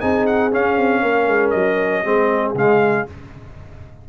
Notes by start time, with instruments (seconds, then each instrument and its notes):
0.00 tuba C4, trombone D#4, horn G#4, trumpet G#5
0.26 trumpet F#5
0.52 trombone C#4, tuba C#4, trumpet F5
0.78 tuba C4
1.02 tuba A#3, horn A#4
1.28 tuba G#3
1.50 tuba F#3, trumpet D#5
2.04 tuba G#3, trombone C4, horn G#4
2.54 tuba C#3, trombone G#3, trumpet F5